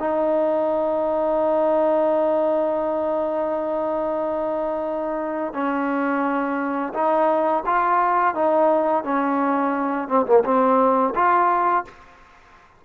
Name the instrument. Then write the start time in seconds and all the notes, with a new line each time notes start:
trombone
0.00 D#4
5.54 C#4
6.94 D#4
7.66 F4
8.35 D#4
9.04 C#4
10.09 C4
10.27 A#3
10.45 C4
11.15 F4